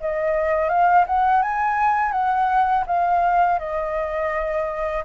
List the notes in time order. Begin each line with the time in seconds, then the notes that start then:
0.00 D#5
0.69 F5
1.07 F#5
1.42 G#5
2.12 F#5
2.87 F5
3.59 D#5